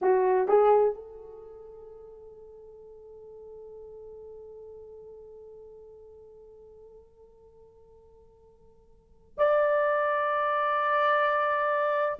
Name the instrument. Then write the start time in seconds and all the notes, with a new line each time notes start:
horn
0.01 F#4
0.48 G#4
0.95 A4
9.37 D5